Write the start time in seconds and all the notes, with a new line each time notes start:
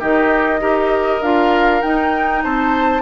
0.00 D#3 D#4 G4 D#5
0.60 D#4 G4 A#4
1.22 D4 F4 F5
1.82 D#4 G5
2.43 C4 C5 A5